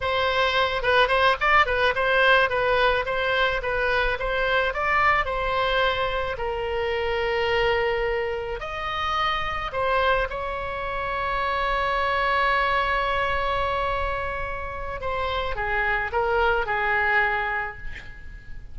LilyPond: \new Staff \with { instrumentName = "oboe" } { \time 4/4 \tempo 4 = 108 c''4. b'8 c''8 d''8 b'8 c''8~ | c''8 b'4 c''4 b'4 c''8~ | c''8 d''4 c''2 ais'8~ | ais'2.~ ais'8 dis''8~ |
dis''4. c''4 cis''4.~ | cis''1~ | cis''2. c''4 | gis'4 ais'4 gis'2 | }